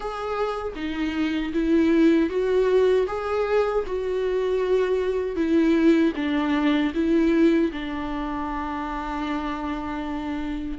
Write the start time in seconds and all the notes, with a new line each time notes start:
0.00 G#4
0.75 D#4
1.53 E4
2.29 F#4
3.07 G#4
3.86 F#4
5.36 E4
6.15 D4
6.94 E4
7.71 D4